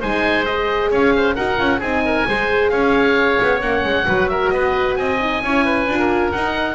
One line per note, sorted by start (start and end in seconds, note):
0.00 0.91 G#3
0.00 0.45 D#4
0.00 0.90 C5
0.00 0.45 G#5
0.45 1.35 G#4
0.45 0.90 D#5
0.91 1.37 C#4
0.91 1.13 C#5
0.91 1.35 F5
1.16 1.35 C5
1.35 1.59 D#4
1.35 1.57 F#4
1.35 1.79 A#4
1.35 1.80 F#5
1.57 1.80 C#4
1.57 1.80 F4
1.79 2.25 C4
1.79 2.26 D#4
1.79 2.02 G#4
1.79 2.70 G#5
2.05 2.28 A#4
2.26 2.72 G#3
2.26 3.61 G#4
2.26 2.72 C5
2.70 3.39 C#4
2.70 4.07 C#5
2.70 3.60 F5
3.42 3.61 B3
3.61 3.84 A#3
3.61 4.05 C#4
3.61 4.28 F#5
3.84 4.06 G#3
4.05 4.52 F#3
4.05 5.18 F#4
4.05 4.30 B4
4.28 4.53 A#4
4.28 4.50 E5
4.50 4.97 B3
4.50 4.98 B4
4.50 4.95 D#5
4.96 5.42 C4
4.96 5.43 D#5
4.96 6.32 G#5
5.20 5.43 D#4
5.43 5.88 C#4
5.43 5.89 E4
5.43 5.65 C#5
5.65 5.99 B4
5.88 6.33 D4
5.88 6.35 F4
5.99 6.75 A#4
6.32 6.75 D#4
6.32 6.75 F#5